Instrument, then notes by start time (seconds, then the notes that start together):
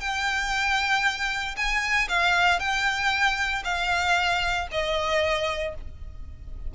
violin
0.00 G5
1.57 G#5
2.08 F5
2.59 G5
3.64 F5
4.71 D#5